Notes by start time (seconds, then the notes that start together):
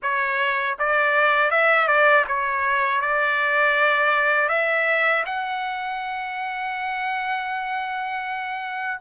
0.02 C#5
0.78 D5
1.50 E5
1.87 D5
2.27 C#5
3.01 D5
4.49 E5
5.25 F#5